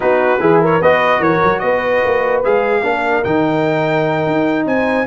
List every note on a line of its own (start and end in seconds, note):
0.00 0.40 B3
0.00 0.38 D#4
0.00 0.40 F#4
0.00 0.61 B4
0.40 0.80 E3
0.40 0.81 E4
0.40 0.60 G#4
0.60 0.80 A#4
0.60 0.82 C#5
0.80 1.19 B3
0.80 2.44 F#4
0.80 1.19 B4
0.80 1.22 D#5
1.19 1.40 E3
1.19 1.60 A#4
1.19 1.59 C#5
1.42 1.62 F#3
1.59 2.02 B3
1.59 2.83 B4
1.59 2.40 D#5
2.04 2.45 A#3
2.44 2.82 G#3
2.44 2.83 G#4
2.44 3.23 F5
2.82 3.23 A#3
2.82 3.23 D4
2.82 4.67 A#4
3.23 4.26 D#3
3.23 5.06 D#4
3.23 4.65 G5
4.26 4.65 D#4
4.65 5.06 C4
4.65 5.06 C5
4.65 5.06 G#5